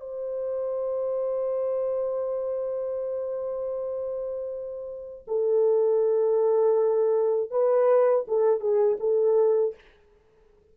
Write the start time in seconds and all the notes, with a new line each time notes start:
0.00 C5
5.27 A4
7.51 B4
8.28 A4
8.60 G#4
9.00 A4